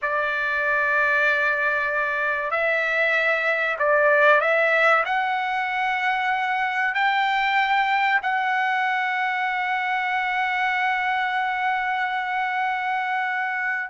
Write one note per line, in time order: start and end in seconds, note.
0.01 2.50 D5
2.50 3.77 E5
3.78 4.40 D5
4.40 5.04 E5
5.05 6.94 F#5
6.94 8.20 G5
8.22 13.90 F#5